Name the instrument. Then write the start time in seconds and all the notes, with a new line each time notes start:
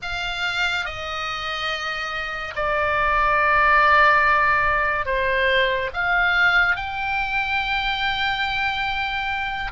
oboe
0.02 F5
0.85 D#5
2.55 D5
5.05 C5
5.93 F5
6.76 G5